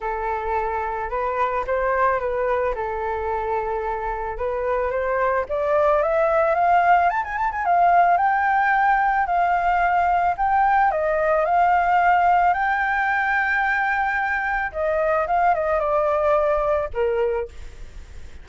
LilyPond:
\new Staff \with { instrumentName = "flute" } { \time 4/4 \tempo 4 = 110 a'2 b'4 c''4 | b'4 a'2. | b'4 c''4 d''4 e''4 | f''4 a''16 gis''16 a''16 gis''16 f''4 g''4~ |
g''4 f''2 g''4 | dis''4 f''2 g''4~ | g''2. dis''4 | f''8 dis''8 d''2 ais'4 | }